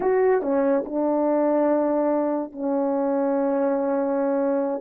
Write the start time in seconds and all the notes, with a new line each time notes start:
0.00 F#4
0.42 C#4
0.85 D4
2.52 C#4